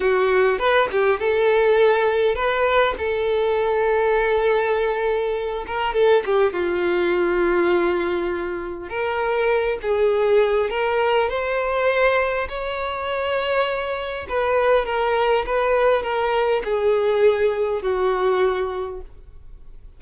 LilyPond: \new Staff \with { instrumentName = "violin" } { \time 4/4 \tempo 4 = 101 fis'4 b'8 g'8 a'2 | b'4 a'2.~ | a'4. ais'8 a'8 g'8 f'4~ | f'2. ais'4~ |
ais'8 gis'4. ais'4 c''4~ | c''4 cis''2. | b'4 ais'4 b'4 ais'4 | gis'2 fis'2 | }